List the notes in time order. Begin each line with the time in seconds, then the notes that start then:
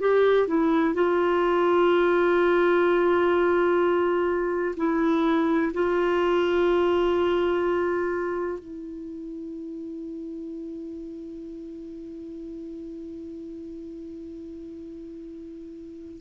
0.00 G4
0.48 E4
0.95 F4
4.77 E4
5.74 F4
8.59 E4